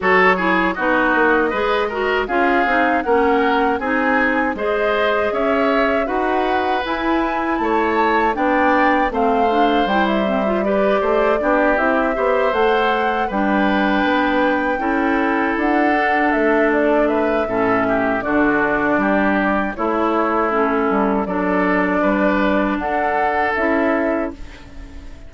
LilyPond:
<<
  \new Staff \with { instrumentName = "flute" } { \time 4/4 \tempo 4 = 79 cis''4 dis''2 f''4 | fis''4 gis''4 dis''4 e''4 | fis''4 gis''4 a''4 g''4 | f''4 g''16 e''8. d''4. e''8~ |
e''8 fis''4 g''2~ g''8~ | g''8 fis''4 e''8 d''8 e''4. | d''2 cis''4 a'4 | d''2 fis''4 e''4 | }
  \new Staff \with { instrumentName = "oboe" } { \time 4/4 a'8 gis'8 fis'4 b'8 ais'8 gis'4 | ais'4 gis'4 c''4 cis''4 | b'2 cis''4 d''4 | c''2 b'8 c''8 g'4 |
c''4. b'2 a'8~ | a'2~ a'8 b'8 a'8 g'8 | fis'4 g'4 e'2 | a'4 b'4 a'2 | }
  \new Staff \with { instrumentName = "clarinet" } { \time 4/4 fis'8 e'8 dis'4 gis'8 fis'8 f'8 dis'8 | cis'4 dis'4 gis'2 | fis'4 e'2 d'4 | c'8 d'8 e'8 c'16 f'16 g'4 d'8 e'8 |
g'8 a'4 d'2 e'8~ | e'4 d'2 cis'4 | d'2 e'4 cis'4 | d'2. e'4 | }
  \new Staff \with { instrumentName = "bassoon" } { \time 4/4 fis4 b8 ais8 gis4 cis'8 c'8 | ais4 c'4 gis4 cis'4 | dis'4 e'4 a4 b4 | a4 g4. a8 b8 c'8 |
b8 a4 g4 b4 cis'8~ | cis'8 d'4 a4. a,4 | d4 g4 a4. g8 | fis4 g4 d'4 cis'4 | }
>>